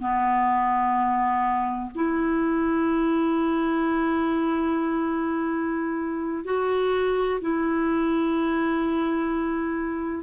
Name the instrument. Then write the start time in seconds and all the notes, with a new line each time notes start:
clarinet
0.00 B3
1.95 E4
6.45 F#4
7.41 E4